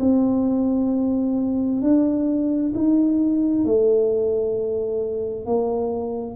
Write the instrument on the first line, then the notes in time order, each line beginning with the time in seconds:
tuba
0.00 C4
1.82 D4
2.75 D#4
3.65 A3
5.46 A#3